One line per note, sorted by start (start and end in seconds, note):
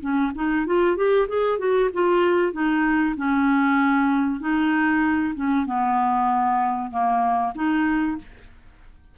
0.00 0.31 C#4
0.34 0.66 D#4
0.66 0.96 F4
0.96 1.28 G4
1.28 1.58 G#4
1.58 1.89 F#4
1.93 2.52 F4
2.52 3.15 D#4
3.16 4.40 C#4
4.40 5.34 D#4
5.34 5.66 C#4
5.66 6.90 B3
6.90 7.53 A#3
7.55 8.17 D#4